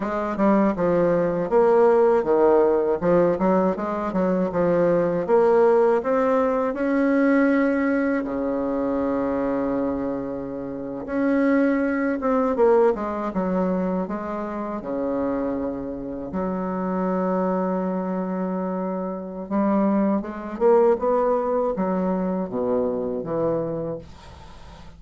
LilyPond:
\new Staff \with { instrumentName = "bassoon" } { \time 4/4 \tempo 4 = 80 gis8 g8 f4 ais4 dis4 | f8 fis8 gis8 fis8 f4 ais4 | c'4 cis'2 cis4~ | cis2~ cis8. cis'4~ cis'16~ |
cis'16 c'8 ais8 gis8 fis4 gis4 cis16~ | cis4.~ cis16 fis2~ fis16~ | fis2 g4 gis8 ais8 | b4 fis4 b,4 e4 | }